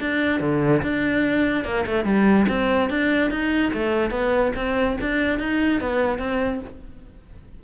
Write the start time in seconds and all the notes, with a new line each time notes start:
0.00 D4
0.40 D3
0.82 D4
1.64 A#3
1.86 A3
2.04 G3
2.48 C4
2.90 D4
3.30 D#4
3.73 A3
4.10 B3
4.56 C4
5.01 D4
5.39 D#4
5.80 B3
6.19 C4